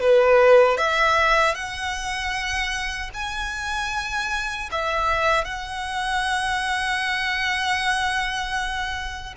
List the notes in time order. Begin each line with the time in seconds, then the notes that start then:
0.00 B4
0.77 E5
1.54 F#5
3.13 G#5
4.71 E5
5.44 F#5